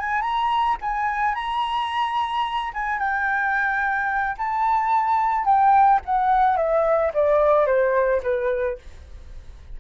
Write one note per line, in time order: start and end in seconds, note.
0.00 0.22 G#5
0.22 0.77 A#5
0.82 1.35 G#5
1.35 2.73 A#5
2.74 2.99 G#5
2.99 4.37 G5
4.38 5.45 A5
5.45 6.00 G5
6.06 6.57 F#5
6.57 7.12 E5
7.14 7.67 D5
7.67 8.22 C5
8.23 8.78 B4